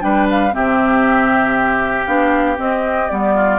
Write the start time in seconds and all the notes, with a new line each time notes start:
0.00 G3 D4 B4 G5
0.31 F5
0.52 C3 C4 G4 E5
2.06 B3 D4 F5
2.56 C4 D#5
3.10 G3 B3 D5
3.35 F4